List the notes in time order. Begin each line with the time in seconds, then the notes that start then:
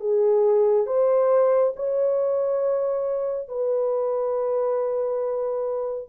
0.00 G#4
0.87 C5
1.76 C#5
3.49 B4